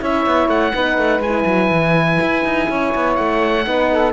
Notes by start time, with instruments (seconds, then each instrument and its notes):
0.00 cello C#4, horn E4, saxophone C#5, oboe E5
0.27 cello B3
0.48 cello A3, oboe F#5
0.75 cello B3, horn D#4, saxophone B4
0.98 cello A3
1.20 cello G#3, horn E4, oboe G#5
1.46 cello F#3
1.71 cello E3
2.21 cello E4
2.45 cello D#4
2.69 cello C#4, saxophone C#5
2.95 cello B3
3.15 cello A3, oboe F#5
3.65 cello B3, horn D#4, saxophone B4
3.91 saxophone A4